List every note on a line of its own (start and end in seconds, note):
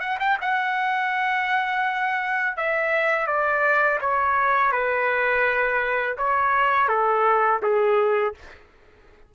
0.00 0.18 F#5
0.20 0.38 G5
0.41 2.57 F#5
2.57 3.27 E5
3.27 3.99 D5
4.01 4.72 C#5
4.72 6.16 B4
6.18 6.88 C#5
6.88 7.61 A4
7.62 8.35 G#4